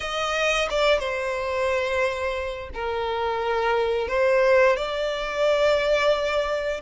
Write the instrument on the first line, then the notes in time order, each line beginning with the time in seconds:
violin
0.00 D#5
0.69 D5
0.99 C5
2.74 A#4
4.08 C5
4.76 D5